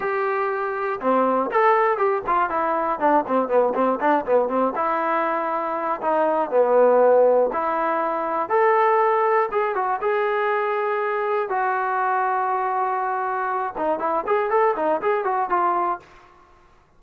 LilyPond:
\new Staff \with { instrumentName = "trombone" } { \time 4/4 \tempo 4 = 120 g'2 c'4 a'4 | g'8 f'8 e'4 d'8 c'8 b8 c'8 | d'8 b8 c'8 e'2~ e'8 | dis'4 b2 e'4~ |
e'4 a'2 gis'8 fis'8 | gis'2. fis'4~ | fis'2.~ fis'8 dis'8 | e'8 gis'8 a'8 dis'8 gis'8 fis'8 f'4 | }